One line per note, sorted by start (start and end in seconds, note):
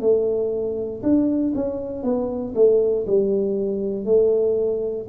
0.00 1.02 A3
1.02 1.53 D4
1.55 2.03 C#4
2.03 2.54 B3
2.55 3.06 A3
3.06 4.04 G3
4.04 5.06 A3